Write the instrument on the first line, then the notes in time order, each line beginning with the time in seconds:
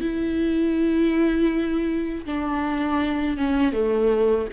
viola
0.00 E4
2.25 D4
3.37 C#4
3.73 A3